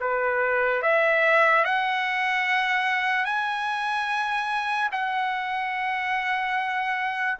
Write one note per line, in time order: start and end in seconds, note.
0.00 0.82 B4
0.82 1.64 E5
1.65 3.25 F#5
3.25 4.89 G#5
4.92 7.38 F#5